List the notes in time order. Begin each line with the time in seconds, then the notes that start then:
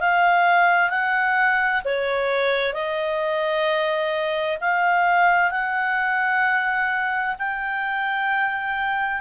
0.00 F5
0.89 F#5
1.85 C#5
2.73 D#5
4.60 F5
5.51 F#5
7.38 G5